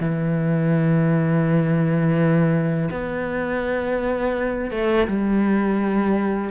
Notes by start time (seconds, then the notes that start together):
0.00 E3
2.90 B3
4.71 A3
5.07 G3